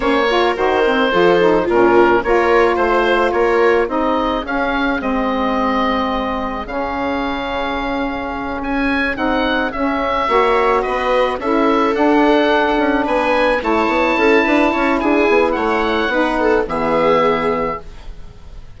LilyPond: <<
  \new Staff \with { instrumentName = "oboe" } { \time 4/4 \tempo 4 = 108 cis''4 c''2 ais'4 | cis''4 c''4 cis''4 dis''4 | f''4 dis''2. | f''2.~ f''8 gis''8~ |
gis''8 fis''4 e''2 dis''8~ | dis''8 e''4 fis''2 gis''8~ | gis''8 a''2~ a''8 gis''4 | fis''2 e''2 | }
  \new Staff \with { instrumentName = "viola" } { \time 4/4 c''8 ais'4. a'4 f'4 | ais'4 c''4 ais'4 gis'4~ | gis'1~ | gis'1~ |
gis'2~ gis'8 cis''4 b'8~ | b'8 a'2. b'8~ | b'8 cis''4 a'8 b'8 cis''8 gis'4 | cis''4 b'8 a'8 gis'2 | }
  \new Staff \with { instrumentName = "saxophone" } { \time 4/4 cis'8 f'8 fis'8 c'8 f'8 dis'8 cis'4 | f'2. dis'4 | cis'4 c'2. | cis'1~ |
cis'8 dis'4 cis'4 fis'4.~ | fis'8 e'4 d'2~ d'8~ | d'8 e'2.~ e'8~ | e'4 dis'4 b2 | }
  \new Staff \with { instrumentName = "bassoon" } { \time 4/4 ais4 dis4 f4 ais,4 | ais4 a4 ais4 c'4 | cis'4 gis2. | cis2.~ cis8 cis'8~ |
cis'8 c'4 cis'4 ais4 b8~ | b8 cis'4 d'4. cis'8 b8~ | b8 a8 b8 cis'8 d'8 cis'8 d'8 b8 | a4 b4 e2 | }
>>